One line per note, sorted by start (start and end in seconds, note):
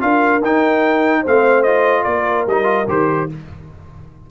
0.00 0.42 D4
0.00 0.41 F4
0.00 1.22 A#4
0.00 0.42 F5
0.42 1.24 D#4
0.42 1.26 D#4
0.42 1.26 G5
1.22 2.06 A3
1.22 1.66 C4
1.22 2.03 C5
1.22 1.63 F5
1.63 2.48 F4
1.63 2.04 D#5
2.04 2.46 A#3
2.04 3.29 A#4
2.04 2.45 D5
2.46 2.87 G3
2.46 2.64 D#4
2.46 2.89 D#5
2.64 2.84 F4
2.88 3.29 D#3
2.88 3.29 G4
2.88 3.31 C5